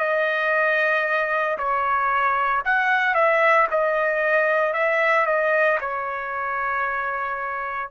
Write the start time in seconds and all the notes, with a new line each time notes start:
0.00 D#5
1.58 C#5
2.65 F#5
3.15 E5
3.71 D#5
4.74 E5
5.26 D#5
5.81 C#5